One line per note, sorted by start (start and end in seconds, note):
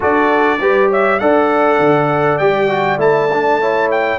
0.00 0.60 D4
0.00 0.58 F#4
0.00 0.60 A4
0.00 0.92 D5
0.60 1.20 G3
0.60 1.20 G4
0.60 0.89 B4
0.89 1.19 C#5
0.89 1.19 E5
1.19 1.79 D4
1.19 2.40 A4
1.19 3.60 D5
1.19 2.38 F#5
1.79 2.39 D3
2.38 2.97 G3
2.38 2.68 G4
2.38 2.98 G5
2.68 2.98 F#4
2.97 4.17 A3
2.97 3.28 E4
2.97 3.90 A5
3.32 3.61 D4
3.60 4.19 E4
3.60 4.19 C#5
3.91 4.19 G5